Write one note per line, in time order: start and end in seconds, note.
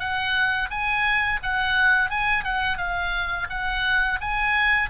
0.00 0.70 F#5
0.71 1.41 G#5
1.43 2.10 F#5
2.10 2.45 G#5
2.45 2.78 F#5
2.78 3.48 F5
3.50 4.20 F#5
4.21 4.90 G#5